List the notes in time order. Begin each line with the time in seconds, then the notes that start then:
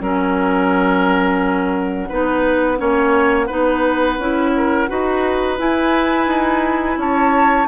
0.00 F#3 C#4 A#4 F#5
2.08 B3 D#4 B4
2.77 A#3 C#4 C#5
3.46 B3 D#4 B4
4.18 C#4 E4
4.56 A#4
4.88 D#4 F#4 B4
5.57 E4 G#5
6.26 D#4
6.97 C#4 C#5 A5